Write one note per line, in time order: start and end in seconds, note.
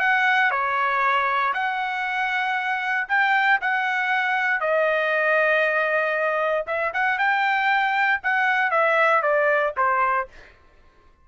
0.00 0.51 F#5
0.51 1.54 C#5
1.54 3.08 F#5
3.09 3.60 G5
3.62 4.61 F#5
4.61 6.66 D#5
6.67 6.93 E5
6.94 7.19 F#5
7.19 8.21 G5
8.24 8.71 F#5
8.71 9.23 E5
9.23 9.74 D5
9.77 10.28 C5